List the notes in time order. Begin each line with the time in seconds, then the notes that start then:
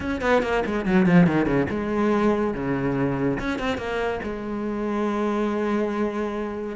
0.00 C#4
0.21 B3
0.42 A#3
0.65 G#3
0.85 F#3
1.06 F3
1.26 D#3
1.45 C#3
1.69 G#3
2.54 C#3
3.39 C#4
3.58 C4
3.77 A#3
4.23 G#3